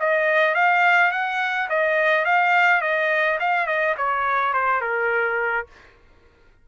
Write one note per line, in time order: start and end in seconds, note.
0.00 0.55 D#5
0.55 1.11 F5
1.11 1.69 F#5
1.70 2.25 D#5
2.25 2.82 F5
2.82 3.39 D#5
3.40 3.66 F5
3.66 3.95 D#5
3.97 4.54 C#5
4.54 4.81 C5
4.81 5.67 A#4